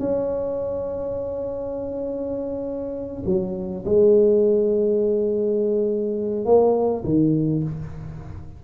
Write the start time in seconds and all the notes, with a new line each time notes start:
0.00 C#4
3.26 F#3
3.86 G#3
6.45 A#3
7.05 D#3